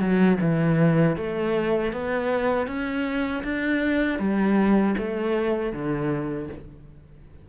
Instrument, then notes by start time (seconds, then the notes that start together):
cello
0.00 F#3
0.41 E3
1.17 A3
1.93 B3
2.67 C#4
3.43 D4
4.19 G3
4.98 A3
5.73 D3